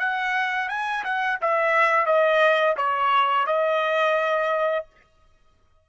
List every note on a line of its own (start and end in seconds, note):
0.00 0.69 F#5
0.69 1.04 G#5
1.04 1.39 F#5
1.41 2.06 E5
2.06 2.76 D#5
2.77 3.47 C#5
3.47 4.86 D#5